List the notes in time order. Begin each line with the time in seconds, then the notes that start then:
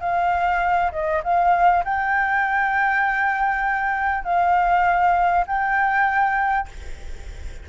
0.00 F5
0.91 D#5
1.23 F5
1.84 G5
4.24 F5
5.47 G5